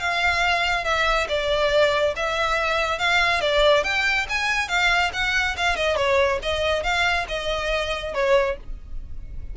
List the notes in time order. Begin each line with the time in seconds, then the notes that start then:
0.00 F5
0.85 E5
1.29 D5
2.17 E5
2.99 F5
3.41 D5
3.84 G5
4.30 G#5
4.69 F5
5.14 F#5
5.58 F5
5.76 D#5
5.97 C#5
6.43 D#5
6.84 F5
7.29 D#5
8.15 C#5